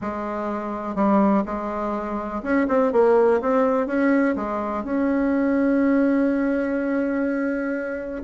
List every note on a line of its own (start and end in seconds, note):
0.01 0.95 G#3
0.95 1.43 G3
1.45 2.42 G#3
2.42 2.67 C#4
2.68 2.92 C4
2.92 3.40 A#3
3.41 3.87 C4
3.87 4.35 C#4
4.35 4.83 G#3
4.83 8.22 C#4